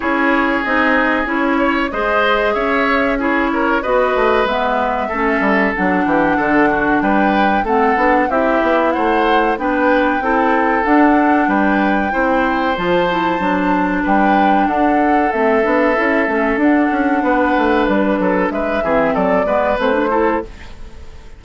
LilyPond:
<<
  \new Staff \with { instrumentName = "flute" } { \time 4/4 \tempo 4 = 94 cis''4 dis''4 cis''4 dis''4 | e''4 cis''4 dis''4 e''4~ | e''4 fis''2 g''4 | fis''4 e''4 fis''4 g''4~ |
g''4 fis''4 g''2 | a''2 g''4 fis''4 | e''2 fis''2 | b'4 e''4 d''4 c''4 | }
  \new Staff \with { instrumentName = "oboe" } { \time 4/4 gis'2~ gis'8 cis''8 c''4 | cis''4 gis'8 ais'8 b'2 | a'4. g'8 a'8 fis'8 b'4 | a'4 g'4 c''4 b'4 |
a'2 b'4 c''4~ | c''2 b'4 a'4~ | a'2. b'4~ | b'8 a'8 b'8 gis'8 a'8 b'4 a'8 | }
  \new Staff \with { instrumentName = "clarinet" } { \time 4/4 e'4 dis'4 e'4 gis'4~ | gis'4 e'4 fis'4 b4 | cis'4 d'2. | c'8 d'8 e'2 d'4 |
e'4 d'2 e'4 | f'8 e'8 d'2. | c'8 d'8 e'8 cis'8 d'2~ | d'4. c'4 b8 c'16 d'16 e'8 | }
  \new Staff \with { instrumentName = "bassoon" } { \time 4/4 cis'4 c'4 cis'4 gis4 | cis'2 b8 a8 gis4 | a8 g8 fis8 e8 d4 g4 | a8 b8 c'8 b8 a4 b4 |
c'4 d'4 g4 c'4 | f4 fis4 g4 d'4 | a8 b8 cis'8 a8 d'8 cis'8 b8 a8 | g8 fis8 gis8 e8 fis8 gis8 a4 | }
>>